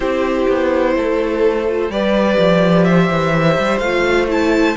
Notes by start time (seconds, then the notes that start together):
0.00 C4 E4 G4 C5
0.48 B3
0.95 A3 A4
1.67 F4
1.89 G3 G4 B4 D5
2.38 F3
2.84 C5 E5
3.10 E3
3.59 G3
3.78 A3 F4 F5
4.28 E4 A5